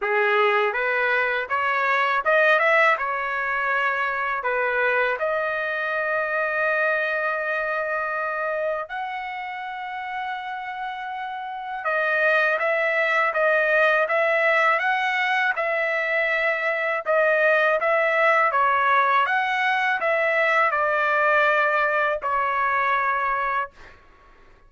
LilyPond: \new Staff \with { instrumentName = "trumpet" } { \time 4/4 \tempo 4 = 81 gis'4 b'4 cis''4 dis''8 e''8 | cis''2 b'4 dis''4~ | dis''1 | fis''1 |
dis''4 e''4 dis''4 e''4 | fis''4 e''2 dis''4 | e''4 cis''4 fis''4 e''4 | d''2 cis''2 | }